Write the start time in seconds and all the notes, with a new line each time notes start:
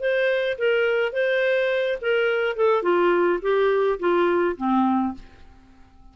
0.00 C5
0.58 A#4
1.12 C5
2.01 A#4
2.56 A4
2.83 F4
3.42 G4
3.99 F4
4.57 C4